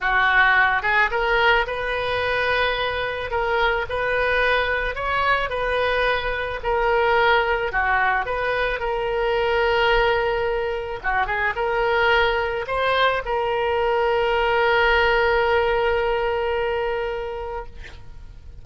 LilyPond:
\new Staff \with { instrumentName = "oboe" } { \time 4/4 \tempo 4 = 109 fis'4. gis'8 ais'4 b'4~ | b'2 ais'4 b'4~ | b'4 cis''4 b'2 | ais'2 fis'4 b'4 |
ais'1 | fis'8 gis'8 ais'2 c''4 | ais'1~ | ais'1 | }